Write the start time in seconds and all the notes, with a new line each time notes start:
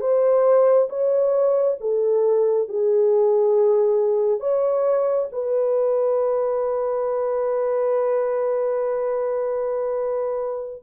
0.00 C5
0.89 C#5
1.80 A4
2.68 G#4
4.40 C#5
5.31 B4